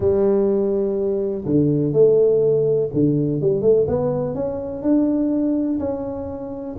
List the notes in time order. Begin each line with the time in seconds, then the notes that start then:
0.00 G3
1.45 D3
1.92 A3
2.93 D3
3.41 G3
3.61 A3
3.87 B3
4.34 C#4
4.82 D4
5.79 C#4